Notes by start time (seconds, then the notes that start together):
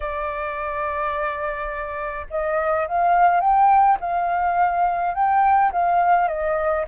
0.00 D5
2.30 D#5
2.87 F5
3.40 G5
4.00 F5
5.14 G5
5.72 F5
6.28 D#5